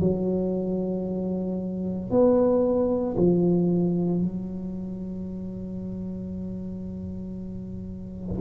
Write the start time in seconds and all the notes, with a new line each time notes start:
0.00 F#3
2.10 B3
3.17 F3
4.22 F#3